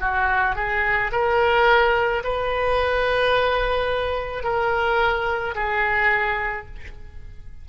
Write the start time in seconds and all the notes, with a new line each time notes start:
0.00 F#4
0.55 G#4
1.12 A#4
2.24 B4
4.43 A#4
5.55 G#4